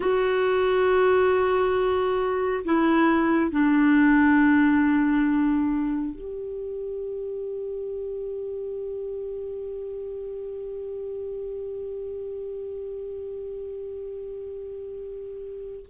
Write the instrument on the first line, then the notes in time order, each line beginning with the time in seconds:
clarinet
0.00 F#4
2.64 E4
3.51 D4
6.15 G4